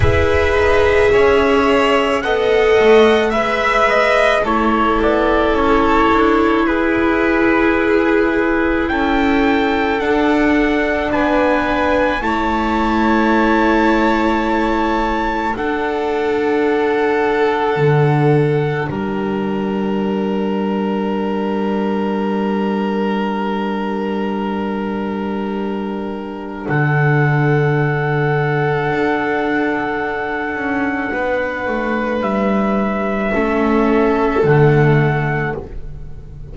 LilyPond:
<<
  \new Staff \with { instrumentName = "trumpet" } { \time 4/4 \tempo 4 = 54 e''2 fis''4 e''8 dis''8 | cis''8 d''8 cis''4 b'2 | g''4 fis''4 gis''4 a''4~ | a''2 fis''2~ |
fis''4 g''2.~ | g''1 | fis''1~ | fis''4 e''2 fis''4 | }
  \new Staff \with { instrumentName = "violin" } { \time 4/4 b'4 cis''4 dis''4 e''4 | a'2 gis'2 | a'2 b'4 cis''4~ | cis''2 a'2~ |
a'4 ais'2.~ | ais'1 | a'1 | b'2 a'2 | }
  \new Staff \with { instrumentName = "viola" } { \time 4/4 gis'2 a'4 b'4 | e'1~ | e'4 d'2 e'4~ | e'2 d'2~ |
d'1~ | d'1~ | d'1~ | d'2 cis'4 a4 | }
  \new Staff \with { instrumentName = "double bass" } { \time 4/4 e'8 dis'8 cis'4 b8 a8 gis4 | a8 b8 cis'8 d'8 e'2 | cis'4 d'4 b4 a4~ | a2 d'2 |
d4 g2.~ | g1 | d2 d'4. cis'8 | b8 a8 g4 a4 d4 | }
>>